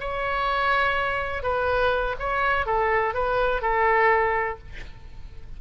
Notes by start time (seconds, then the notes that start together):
0.00 C#5
1.43 B4
2.19 C#5
2.66 A4
3.14 B4
3.62 A4